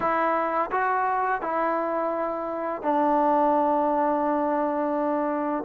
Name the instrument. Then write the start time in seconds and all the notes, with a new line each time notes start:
trombone
0.00 E4
0.71 F#4
1.41 E4
2.82 D4